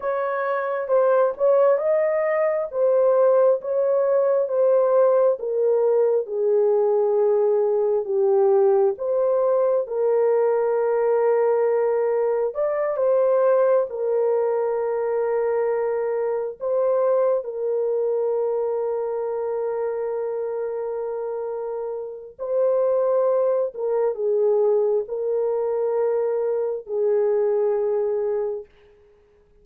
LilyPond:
\new Staff \with { instrumentName = "horn" } { \time 4/4 \tempo 4 = 67 cis''4 c''8 cis''8 dis''4 c''4 | cis''4 c''4 ais'4 gis'4~ | gis'4 g'4 c''4 ais'4~ | ais'2 d''8 c''4 ais'8~ |
ais'2~ ais'8 c''4 ais'8~ | ais'1~ | ais'4 c''4. ais'8 gis'4 | ais'2 gis'2 | }